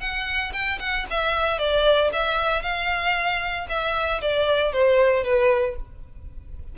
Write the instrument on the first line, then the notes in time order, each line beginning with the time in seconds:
violin
0.00 F#5
0.53 G5
0.80 F#5
1.10 E5
1.59 D5
2.13 E5
2.62 F5
3.69 E5
4.21 D5
4.73 C5
5.24 B4